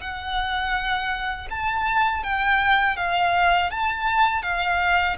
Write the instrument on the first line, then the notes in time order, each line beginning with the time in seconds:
violin
0.00 F#5
1.50 A5
2.23 G5
2.96 F5
3.70 A5
4.42 F5